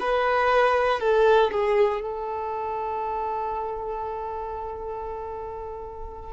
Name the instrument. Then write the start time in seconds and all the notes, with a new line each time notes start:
violin
0.00 B4
1.00 A4
1.51 G#4
2.02 A4